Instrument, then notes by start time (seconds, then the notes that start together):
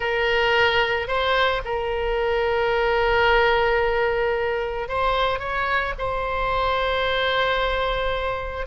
oboe
0.00 A#4
1.07 C5
1.64 A#4
4.88 C5
5.39 C#5
5.98 C5